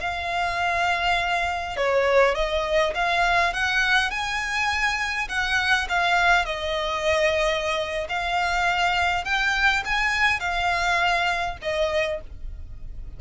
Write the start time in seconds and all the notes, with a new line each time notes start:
0.00 F5
1.76 C#5
2.34 D#5
2.94 F5
3.53 F#5
4.10 G#5
5.28 F#5
5.89 F5
6.45 D#5
8.09 F5
9.24 G5
9.84 G#5
10.40 F5
11.61 D#5